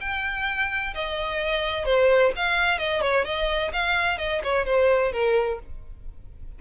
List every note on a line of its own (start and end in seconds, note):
0.00 0.94 G5
0.94 1.85 D#5
1.85 2.32 C5
2.36 2.78 F5
2.78 3.01 D#5
3.01 3.25 C#5
3.25 3.71 D#5
3.73 4.18 F5
4.18 4.41 D#5
4.43 4.65 C#5
4.65 5.12 C5
5.12 5.59 A#4